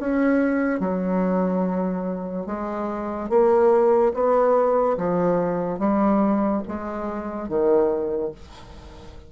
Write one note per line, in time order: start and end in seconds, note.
0.00 0.80 C#4
0.80 2.46 F#3
2.46 3.30 G#3
3.30 4.13 A#3
4.14 4.97 B3
4.98 5.79 F3
5.79 6.62 G3
6.68 7.49 G#3
7.49 8.32 D#3